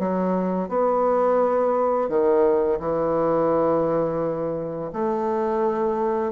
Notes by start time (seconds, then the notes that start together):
0.00 F#3
0.69 B3
2.09 D#3
2.80 E3
4.93 A3